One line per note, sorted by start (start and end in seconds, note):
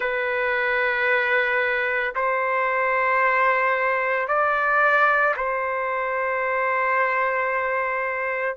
0.00 2.14 B4
2.15 4.28 C5
4.28 5.35 D5
5.36 8.57 C5